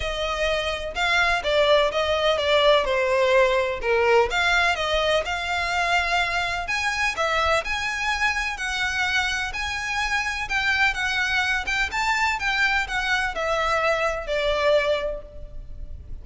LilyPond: \new Staff \with { instrumentName = "violin" } { \time 4/4 \tempo 4 = 126 dis''2 f''4 d''4 | dis''4 d''4 c''2 | ais'4 f''4 dis''4 f''4~ | f''2 gis''4 e''4 |
gis''2 fis''2 | gis''2 g''4 fis''4~ | fis''8 g''8 a''4 g''4 fis''4 | e''2 d''2 | }